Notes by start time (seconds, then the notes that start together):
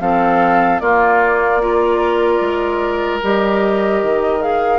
0.00 F3 C4 A4 F5
0.79 A#3 F4 D5
1.60 F4 A#4
2.41 G#3
3.23 G3 G4 D#5
4.03 D#3
4.40 G#4 F5